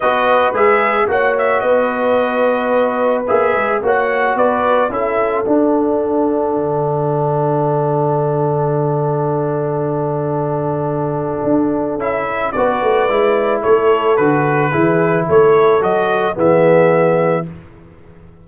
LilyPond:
<<
  \new Staff \with { instrumentName = "trumpet" } { \time 4/4 \tempo 4 = 110 dis''4 e''4 fis''8 e''8 dis''4~ | dis''2 e''4 fis''4 | d''4 e''4 fis''2~ | fis''1~ |
fis''1~ | fis''2 e''4 d''4~ | d''4 cis''4 b'2 | cis''4 dis''4 e''2 | }
  \new Staff \with { instrumentName = "horn" } { \time 4/4 b'2 cis''4 b'4~ | b'2. cis''4 | b'4 a'2.~ | a'1~ |
a'1~ | a'2. b'4~ | b'4 a'2 gis'4 | a'2 gis'2 | }
  \new Staff \with { instrumentName = "trombone" } { \time 4/4 fis'4 gis'4 fis'2~ | fis'2 gis'4 fis'4~ | fis'4 e'4 d'2~ | d'1~ |
d'1~ | d'2 e'4 fis'4 | e'2 fis'4 e'4~ | e'4 fis'4 b2 | }
  \new Staff \with { instrumentName = "tuba" } { \time 4/4 b4 gis4 ais4 b4~ | b2 ais8 gis8 ais4 | b4 cis'4 d'2 | d1~ |
d1~ | d4 d'4 cis'4 b8 a8 | gis4 a4 d4 e4 | a4 fis4 e2 | }
>>